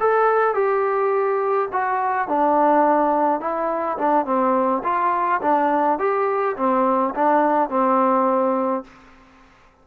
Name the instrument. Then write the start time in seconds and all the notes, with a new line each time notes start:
trombone
0.00 A4
0.54 G4
1.72 F#4
2.28 D4
3.41 E4
3.98 D4
4.25 C4
4.84 F4
5.42 D4
5.99 G4
6.57 C4
7.15 D4
7.70 C4